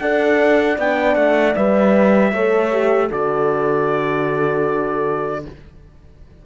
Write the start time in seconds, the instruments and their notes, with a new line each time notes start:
0.00 cello D4, horn A4 D5, trumpet F#5
0.78 cello B3, horn D4, trumpet G5
1.15 cello A3, trumpet F#5
1.55 cello G3, horn B4, trumpet E5
2.32 cello A3, horn A4 C#5
2.71 horn G4
3.08 cello D3, horn F#4 A4, trumpet D5